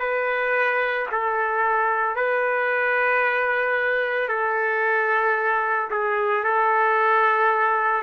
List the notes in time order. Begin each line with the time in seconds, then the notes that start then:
0.00 B4
1.12 A4
2.16 B4
4.29 A4
5.91 G#4
6.44 A4